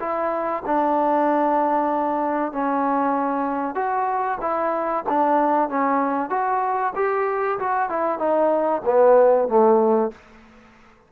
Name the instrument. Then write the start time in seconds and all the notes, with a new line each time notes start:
trombone
0.00 E4
0.66 D4
2.52 C#4
3.75 F#4
4.41 E4
5.09 D4
5.69 C#4
6.30 F#4
6.96 G4
7.59 F#4
7.89 E4
8.19 D#4
8.85 B3
9.48 A3